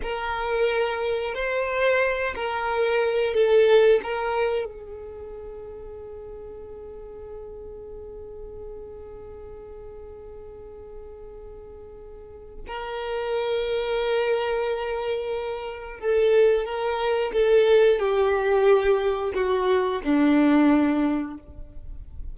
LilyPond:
\new Staff \with { instrumentName = "violin" } { \time 4/4 \tempo 4 = 90 ais'2 c''4. ais'8~ | ais'4 a'4 ais'4 gis'4~ | gis'1~ | gis'1~ |
gis'2. ais'4~ | ais'1 | a'4 ais'4 a'4 g'4~ | g'4 fis'4 d'2 | }